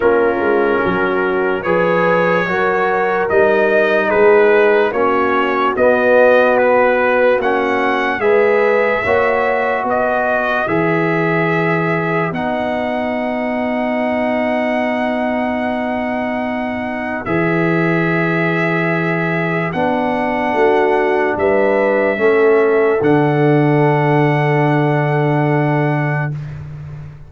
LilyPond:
<<
  \new Staff \with { instrumentName = "trumpet" } { \time 4/4 \tempo 4 = 73 ais'2 cis''2 | dis''4 b'4 cis''4 dis''4 | b'4 fis''4 e''2 | dis''4 e''2 fis''4~ |
fis''1~ | fis''4 e''2. | fis''2 e''2 | fis''1 | }
  \new Staff \with { instrumentName = "horn" } { \time 4/4 f'4 fis'4 b'4 ais'4~ | ais'4 gis'4 fis'2~ | fis'2 b'4 cis''4 | b'1~ |
b'1~ | b'1~ | b'4 fis'4 b'4 a'4~ | a'1 | }
  \new Staff \with { instrumentName = "trombone" } { \time 4/4 cis'2 gis'4 fis'4 | dis'2 cis'4 b4~ | b4 cis'4 gis'4 fis'4~ | fis'4 gis'2 dis'4~ |
dis'1~ | dis'4 gis'2. | d'2. cis'4 | d'1 | }
  \new Staff \with { instrumentName = "tuba" } { \time 4/4 ais8 gis8 fis4 f4 fis4 | g4 gis4 ais4 b4~ | b4 ais4 gis4 ais4 | b4 e2 b4~ |
b1~ | b4 e2. | b4 a4 g4 a4 | d1 | }
>>